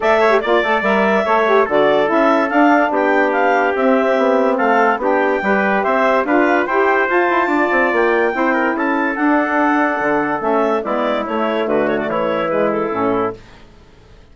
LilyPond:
<<
  \new Staff \with { instrumentName = "clarinet" } { \time 4/4 \tempo 4 = 144 e''4 d''4 e''2 | d''4 e''4 f''4 g''4 | f''4 e''2 f''4 | g''2 e''4 f''4 |
g''4 a''2 g''4~ | g''4 a''4 fis''2~ | fis''4 e''4 d''4 cis''4 | b'8 cis''16 d''16 cis''4 b'8 a'4. | }
  \new Staff \with { instrumentName = "trumpet" } { \time 4/4 d''8 cis''8 d''2 cis''4 | a'2. g'4~ | g'2. a'4 | g'4 b'4 c''4 b'4 |
c''2 d''2 | c''8 ais'8 a'2.~ | a'2 e'2 | fis'4 e'2. | }
  \new Staff \with { instrumentName = "saxophone" } { \time 4/4 a'8. g'16 f'8 a'8 ais'4 a'8 g'8 | fis'4 e'4 d'2~ | d'4 c'2. | d'4 g'2 f'4 |
g'4 f'2. | e'2 d'2~ | d'4 cis'4 b4 a4~ | a2 gis4 cis'4 | }
  \new Staff \with { instrumentName = "bassoon" } { \time 4/4 a4 ais8 a8 g4 a4 | d4 cis'4 d'4 b4~ | b4 c'4 b4 a4 | b4 g4 c'4 d'4 |
e'4 f'8 e'8 d'8 c'8 ais4 | c'4 cis'4 d'2 | d4 a4 gis4 a4 | d4 e2 a,4 | }
>>